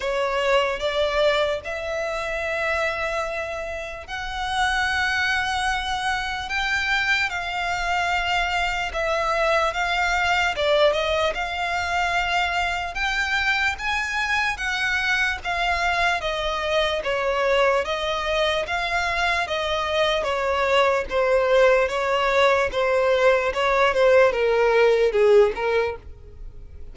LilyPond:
\new Staff \with { instrumentName = "violin" } { \time 4/4 \tempo 4 = 74 cis''4 d''4 e''2~ | e''4 fis''2. | g''4 f''2 e''4 | f''4 d''8 dis''8 f''2 |
g''4 gis''4 fis''4 f''4 | dis''4 cis''4 dis''4 f''4 | dis''4 cis''4 c''4 cis''4 | c''4 cis''8 c''8 ais'4 gis'8 ais'8 | }